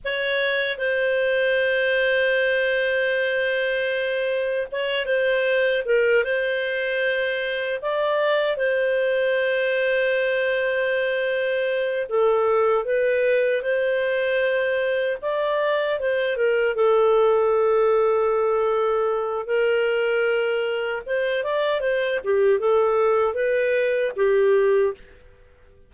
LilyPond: \new Staff \with { instrumentName = "clarinet" } { \time 4/4 \tempo 4 = 77 cis''4 c''2.~ | c''2 cis''8 c''4 ais'8 | c''2 d''4 c''4~ | c''2.~ c''8 a'8~ |
a'8 b'4 c''2 d''8~ | d''8 c''8 ais'8 a'2~ a'8~ | a'4 ais'2 c''8 d''8 | c''8 g'8 a'4 b'4 g'4 | }